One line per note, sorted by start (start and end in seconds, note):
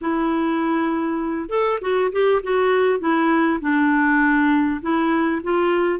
0.01 1.49 E4
1.49 1.79 A4
1.81 2.11 F#4
2.12 2.42 G4
2.42 2.99 F#4
2.99 3.59 E4
3.60 4.80 D4
4.81 5.41 E4
5.43 5.99 F4